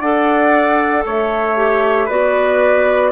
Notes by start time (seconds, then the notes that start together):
0.00 D4 A4 D5 F#5
1.06 A3 C#5 E5
1.57 G4
2.06 B3 F#4 B4 D5